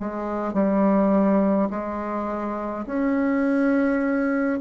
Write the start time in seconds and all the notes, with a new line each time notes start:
0.00 G#3
0.53 G3
1.70 G#3
2.87 C#4